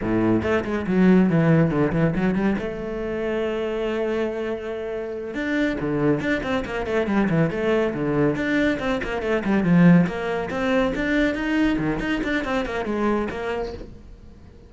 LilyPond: \new Staff \with { instrumentName = "cello" } { \time 4/4 \tempo 4 = 140 a,4 a8 gis8 fis4 e4 | d8 e8 fis8 g8 a2~ | a1~ | a8 d'4 d4 d'8 c'8 ais8 |
a8 g8 e8 a4 d4 d'8~ | d'8 c'8 ais8 a8 g8 f4 ais8~ | ais8 c'4 d'4 dis'4 dis8 | dis'8 d'8 c'8 ais8 gis4 ais4 | }